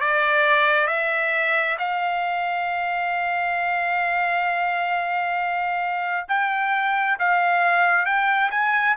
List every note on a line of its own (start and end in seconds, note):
0.00 0.87 D5
0.87 1.76 E5
1.78 6.26 F5
6.28 7.18 G5
7.19 8.05 F5
8.05 8.50 G5
8.50 8.95 G#5